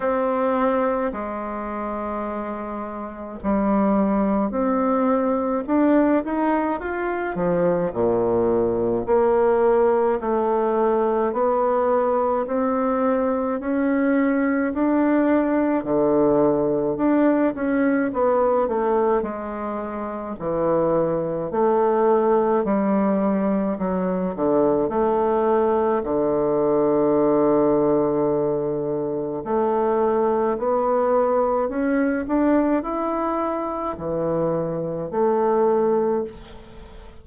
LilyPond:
\new Staff \with { instrumentName = "bassoon" } { \time 4/4 \tempo 4 = 53 c'4 gis2 g4 | c'4 d'8 dis'8 f'8 f8 ais,4 | ais4 a4 b4 c'4 | cis'4 d'4 d4 d'8 cis'8 |
b8 a8 gis4 e4 a4 | g4 fis8 d8 a4 d4~ | d2 a4 b4 | cis'8 d'8 e'4 e4 a4 | }